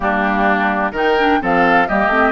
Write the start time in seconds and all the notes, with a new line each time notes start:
0.00 G3 A#3 D4 G4
0.91 D#3 D#4 A#4 G5
1.18 D4
1.40 F3 C4 A4 F5
1.88 G3 A#3 G4 D#5
2.07 A3 C4